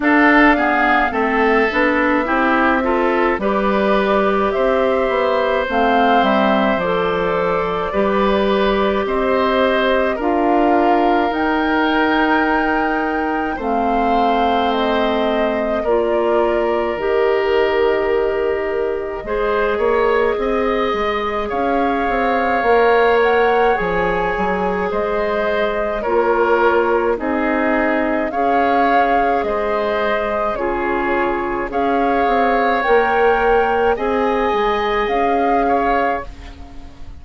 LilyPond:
<<
  \new Staff \with { instrumentName = "flute" } { \time 4/4 \tempo 4 = 53 f''4 e''2 d''4 | e''4 f''8 e''8 d''2 | dis''4 f''4 g''2 | f''4 dis''4 d''4 dis''4~ |
dis''2. f''4~ | f''8 fis''8 gis''4 dis''4 cis''4 | dis''4 f''4 dis''4 cis''4 | f''4 g''4 gis''4 f''4 | }
  \new Staff \with { instrumentName = "oboe" } { \time 4/4 a'8 gis'8 a'4 g'8 a'8 b'4 | c''2. b'4 | c''4 ais'2. | c''2 ais'2~ |
ais'4 c''8 cis''8 dis''4 cis''4~ | cis''2 c''4 ais'4 | gis'4 cis''4 c''4 gis'4 | cis''2 dis''4. cis''8 | }
  \new Staff \with { instrumentName = "clarinet" } { \time 4/4 d'8 b8 c'8 d'8 e'8 f'8 g'4~ | g'4 c'4 a'4 g'4~ | g'4 f'4 dis'2 | c'2 f'4 g'4~ |
g'4 gis'2. | ais'4 gis'2 f'4 | dis'4 gis'2 f'4 | gis'4 ais'4 gis'2 | }
  \new Staff \with { instrumentName = "bassoon" } { \time 4/4 d'4 a8 b8 c'4 g4 | c'8 b8 a8 g8 f4 g4 | c'4 d'4 dis'2 | a2 ais4 dis4~ |
dis4 gis8 ais8 c'8 gis8 cis'8 c'8 | ais4 f8 fis8 gis4 ais4 | c'4 cis'4 gis4 cis4 | cis'8 c'8 ais4 c'8 gis8 cis'4 | }
>>